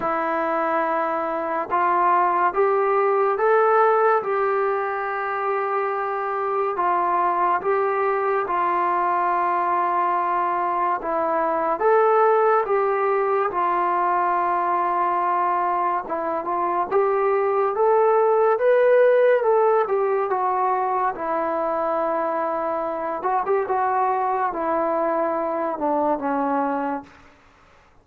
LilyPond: \new Staff \with { instrumentName = "trombone" } { \time 4/4 \tempo 4 = 71 e'2 f'4 g'4 | a'4 g'2. | f'4 g'4 f'2~ | f'4 e'4 a'4 g'4 |
f'2. e'8 f'8 | g'4 a'4 b'4 a'8 g'8 | fis'4 e'2~ e'8 fis'16 g'16 | fis'4 e'4. d'8 cis'4 | }